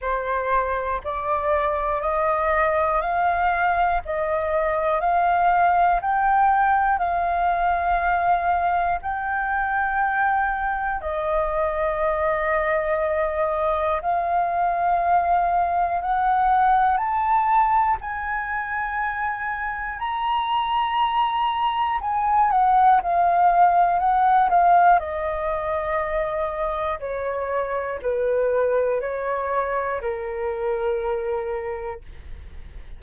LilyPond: \new Staff \with { instrumentName = "flute" } { \time 4/4 \tempo 4 = 60 c''4 d''4 dis''4 f''4 | dis''4 f''4 g''4 f''4~ | f''4 g''2 dis''4~ | dis''2 f''2 |
fis''4 a''4 gis''2 | ais''2 gis''8 fis''8 f''4 | fis''8 f''8 dis''2 cis''4 | b'4 cis''4 ais'2 | }